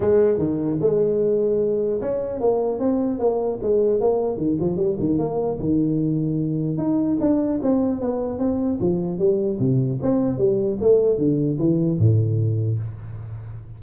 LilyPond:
\new Staff \with { instrumentName = "tuba" } { \time 4/4 \tempo 4 = 150 gis4 dis4 gis2~ | gis4 cis'4 ais4 c'4 | ais4 gis4 ais4 dis8 f8 | g8 dis8 ais4 dis2~ |
dis4 dis'4 d'4 c'4 | b4 c'4 f4 g4 | c4 c'4 g4 a4 | d4 e4 a,2 | }